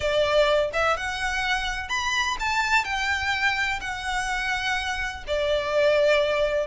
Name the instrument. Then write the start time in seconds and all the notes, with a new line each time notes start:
violin
0.00 D5
0.73 E5
0.96 F#5
1.89 B5
2.39 A5
2.84 G5
3.81 F#5
5.27 D5